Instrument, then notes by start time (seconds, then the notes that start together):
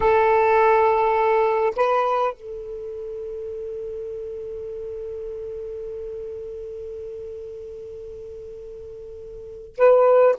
saxophone
0.00 A4
1.76 B4
2.33 A4
9.77 B4